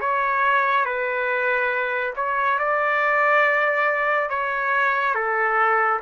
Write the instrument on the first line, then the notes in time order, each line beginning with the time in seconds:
trumpet
0.00 C#5
0.85 B4
2.16 C#5
2.59 D5
4.29 C#5
5.14 A4